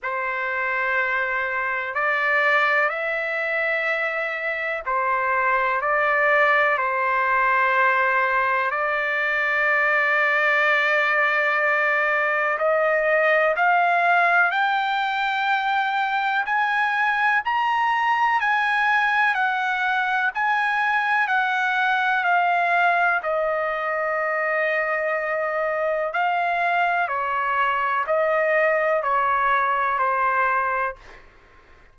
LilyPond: \new Staff \with { instrumentName = "trumpet" } { \time 4/4 \tempo 4 = 62 c''2 d''4 e''4~ | e''4 c''4 d''4 c''4~ | c''4 d''2.~ | d''4 dis''4 f''4 g''4~ |
g''4 gis''4 ais''4 gis''4 | fis''4 gis''4 fis''4 f''4 | dis''2. f''4 | cis''4 dis''4 cis''4 c''4 | }